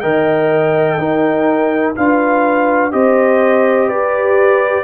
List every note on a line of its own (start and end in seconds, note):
0.00 0.97 D#3
0.00 0.98 A#4
0.00 0.99 D#5
0.00 1.94 G5
0.97 1.94 D#4
0.97 1.95 D#4
0.97 1.96 A#4
1.95 2.93 D4
1.95 2.91 F4
1.95 2.93 B4
1.95 2.92 F5
2.91 3.89 C4
2.91 4.84 G4
2.91 3.87 C5
2.91 3.89 D#5
3.87 4.84 G4
3.87 4.84 B4
3.87 4.84 D5